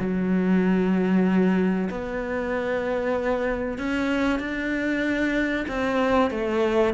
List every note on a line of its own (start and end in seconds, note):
0.00 1.89 F#3
1.90 3.79 B3
3.79 4.40 C#4
4.40 5.66 D4
5.69 6.31 C4
6.31 6.94 A3